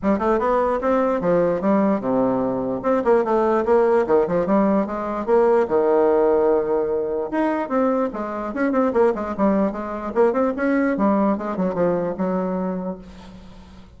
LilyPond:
\new Staff \with { instrumentName = "bassoon" } { \time 4/4 \tempo 4 = 148 g8 a8 b4 c'4 f4 | g4 c2 c'8 ais8 | a4 ais4 dis8 f8 g4 | gis4 ais4 dis2~ |
dis2 dis'4 c'4 | gis4 cis'8 c'8 ais8 gis8 g4 | gis4 ais8 c'8 cis'4 g4 | gis8 fis8 f4 fis2 | }